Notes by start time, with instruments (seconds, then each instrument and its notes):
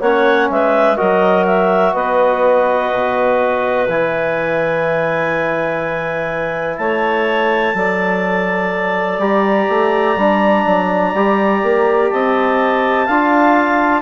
0.00 bassoon A#3, trombone C#4, clarinet C#5 F#5
0.50 bassoon G#3, clarinet B4 E5
0.97 bassoon F#3, trombone F#4, clarinet A#4 D#5
1.47 clarinet E5
1.93 bassoon B3, clarinet B4 D#5
2.93 bassoon B2
3.89 bassoon E3, trombone E4, clarinet G#5
6.78 bassoon A3, clarinet C#5 A5
7.74 bassoon F#3, trombone A4, clarinet D5
9.19 bassoon G3, trombone G4, clarinet A#5
9.69 bassoon A3
10.16 bassoon G3, trombone D4
10.66 bassoon F#3
11.15 bassoon G3, trombone G4
11.63 bassoon A#3
12.10 bassoon C4, clarinet D#5 A5
13.06 bassoon D4, trombone F4, clarinet F5